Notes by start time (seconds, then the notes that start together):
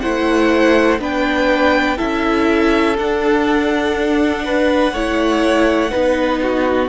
0.00 A3 E4 C5 F#5
0.99 B3 D4 B4 G5
1.97 C#4 E4 A4 E5
2.97 D4 F#5
4.44 B4
4.92 A3 E4 C#5
5.90 B3 D#4 B4
6.43 F#4